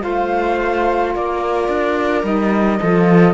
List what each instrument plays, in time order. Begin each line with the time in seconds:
0.00 cello A3, saxophone F4, viola C5, flute F5
1.15 cello A#3, viola A#4, flute D5
1.68 cello D4
2.23 cello G3, saxophone D#4, flute D#5
2.80 cello F3, saxophone F4, viola A4